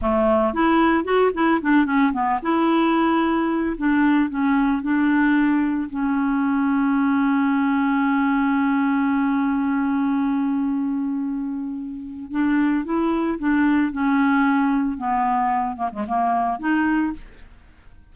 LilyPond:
\new Staff \with { instrumentName = "clarinet" } { \time 4/4 \tempo 4 = 112 a4 e'4 fis'8 e'8 d'8 cis'8 | b8 e'2~ e'8 d'4 | cis'4 d'2 cis'4~ | cis'1~ |
cis'1~ | cis'2. d'4 | e'4 d'4 cis'2 | b4. ais16 gis16 ais4 dis'4 | }